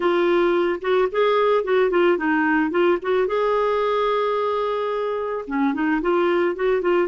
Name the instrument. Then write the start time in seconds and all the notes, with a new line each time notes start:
clarinet
0.00 F4
0.81 F#4
1.11 G#4
1.63 F#4
1.90 F4
2.17 D#4
2.70 F4
3.01 F#4
3.27 G#4
5.47 C#4
5.74 D#4
6.01 F4
6.55 F#4
6.81 F4